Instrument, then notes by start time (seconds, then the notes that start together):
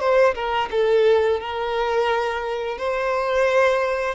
violin
0.00 C5
0.35 A#4
0.71 A4
1.40 A#4
2.78 C5